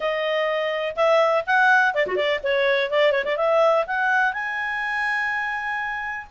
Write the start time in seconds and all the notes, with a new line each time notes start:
0.00 D#5
0.96 E5
1.46 F#5
1.94 D5
2.06 F#4
2.15 D5
2.43 C#5
2.90 D5
3.11 C#5
3.24 D5
3.37 E5
3.86 F#5
4.33 G#5